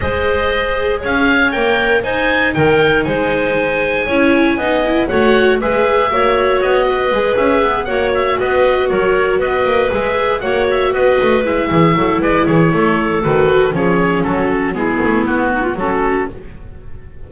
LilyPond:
<<
  \new Staff \with { instrumentName = "oboe" } { \time 4/4 \tempo 4 = 118 dis''2 f''4 g''4 | gis''4 g''4 gis''2~ | gis''2 fis''4 e''4~ | e''4 dis''4. e''4 fis''8 |
e''8 dis''4 cis''4 dis''4 e''8~ | e''8 fis''8 e''8 dis''4 e''4. | d''8 cis''4. b'4 cis''4 | a'4 gis'4 fis'4 a'4 | }
  \new Staff \with { instrumentName = "clarinet" } { \time 4/4 c''2 cis''2 | c''4 ais'4 c''2 | cis''4 dis''4 cis''4 b'4 | cis''4. b'2 cis''8~ |
cis''8 b'4 ais'4 b'4.~ | b'8 cis''4 b'4. gis'8 a'8 | b'8 gis'8 a'2 gis'4 | fis'4 e'4. dis'16 f'16 fis'4 | }
  \new Staff \with { instrumentName = "viola" } { \time 4/4 gis'2. ais'4 | dis'1 | e'4 dis'8 e'8 fis'4 gis'4 | fis'2 gis'4. fis'8~ |
fis'2.~ fis'8 gis'8~ | gis'8 fis'2 e'4.~ | e'2 fis'4 cis'4~ | cis'4 b2 cis'4 | }
  \new Staff \with { instrumentName = "double bass" } { \time 4/4 gis2 cis'4 ais4 | dis'4 dis4 gis2 | cis'4 b4 a4 gis4 | ais4 b4 gis8 cis'8 b8 ais8~ |
ais8 b4 fis4 b8 ais8 gis8~ | gis8 ais4 b8 a8 gis8 e8 fis8 | gis8 e8 a4 dis4 f4 | fis4 gis8 a8 b4 fis4 | }
>>